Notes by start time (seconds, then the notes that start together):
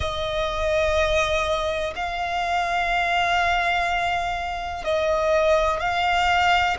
0.00 D#5
1.95 F5
4.84 D#5
5.79 F5